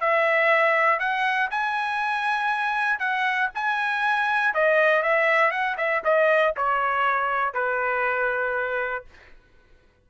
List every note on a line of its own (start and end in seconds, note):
0.00 0.99 E5
0.99 1.49 F#5
1.50 2.99 G#5
2.99 3.49 F#5
3.54 4.54 G#5
4.54 5.02 D#5
5.02 5.50 E5
5.50 5.76 F#5
5.77 6.02 E5
6.04 6.54 D#5
6.56 7.53 C#5
7.53 9.05 B4